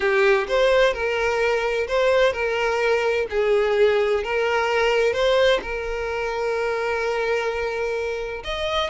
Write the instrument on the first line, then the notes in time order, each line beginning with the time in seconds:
violin
0.00 G4
0.48 C5
0.93 A#4
1.87 C5
2.32 A#4
3.30 G#4
4.23 A#4
5.13 C5
5.61 A#4
8.44 D#5